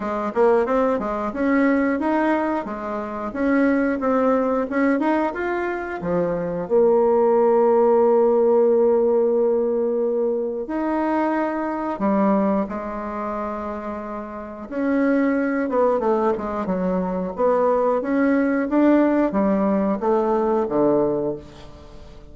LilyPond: \new Staff \with { instrumentName = "bassoon" } { \time 4/4 \tempo 4 = 90 gis8 ais8 c'8 gis8 cis'4 dis'4 | gis4 cis'4 c'4 cis'8 dis'8 | f'4 f4 ais2~ | ais1 |
dis'2 g4 gis4~ | gis2 cis'4. b8 | a8 gis8 fis4 b4 cis'4 | d'4 g4 a4 d4 | }